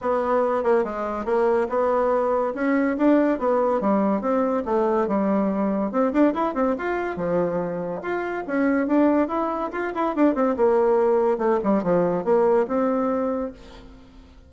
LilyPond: \new Staff \with { instrumentName = "bassoon" } { \time 4/4 \tempo 4 = 142 b4. ais8 gis4 ais4 | b2 cis'4 d'4 | b4 g4 c'4 a4 | g2 c'8 d'8 e'8 c'8 |
f'4 f2 f'4 | cis'4 d'4 e'4 f'8 e'8 | d'8 c'8 ais2 a8 g8 | f4 ais4 c'2 | }